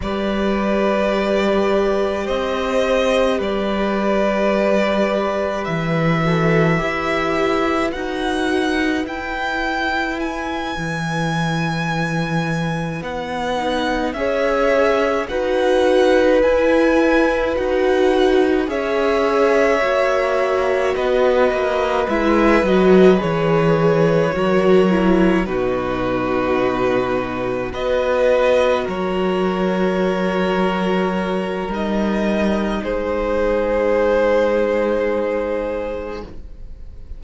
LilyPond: <<
  \new Staff \with { instrumentName = "violin" } { \time 4/4 \tempo 4 = 53 d''2 dis''4 d''4~ | d''4 e''2 fis''4 | g''4 gis''2~ gis''8 fis''8~ | fis''8 e''4 fis''4 gis''4 fis''8~ |
fis''8 e''2 dis''4 e''8 | dis''8 cis''2 b'4.~ | b'8 dis''4 cis''2~ cis''8 | dis''4 c''2. | }
  \new Staff \with { instrumentName = "violin" } { \time 4/4 b'2 c''4 b'4~ | b'4. a'8 b'2~ | b'1~ | b'8 cis''4 b'2~ b'8~ |
b'8 cis''2 b'4.~ | b'4. ais'4 fis'4.~ | fis'8 b'4 ais'2~ ais'8~ | ais'4 gis'2. | }
  \new Staff \with { instrumentName = "viola" } { \time 4/4 g'1~ | g'4. fis'8 g'4 fis'4 | e'1 | dis'8 gis'4 fis'4 e'4 fis'8~ |
fis'8 gis'4 fis'2 e'8 | fis'8 gis'4 fis'8 e'8 dis'4.~ | dis'8 fis'2.~ fis'8 | dis'1 | }
  \new Staff \with { instrumentName = "cello" } { \time 4/4 g2 c'4 g4~ | g4 e4 e'4 dis'4 | e'4. e2 b8~ | b8 cis'4 dis'4 e'4 dis'8~ |
dis'8 cis'4 ais4 b8 ais8 gis8 | fis8 e4 fis4 b,4.~ | b,8 b4 fis2~ fis8 | g4 gis2. | }
>>